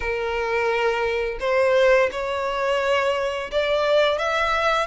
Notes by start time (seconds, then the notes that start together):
0.00 A#4
1.40 C5
2.11 C#5
3.51 D5
4.18 E5